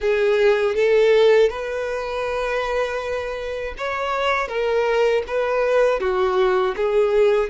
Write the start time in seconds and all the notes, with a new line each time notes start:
0.00 G#4
0.75 A4
1.49 B4
3.77 C#5
4.48 A#4
5.27 B4
6.00 F#4
6.76 G#4